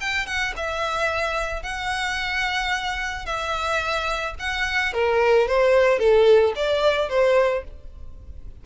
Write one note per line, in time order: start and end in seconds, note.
0.00 0.26 G5
0.26 0.53 F#5
0.56 1.62 E5
1.62 3.26 F#5
3.26 4.35 E5
4.39 4.93 F#5
4.93 5.47 A#4
5.47 5.99 C5
5.99 6.53 A4
6.56 7.09 D5
7.09 7.64 C5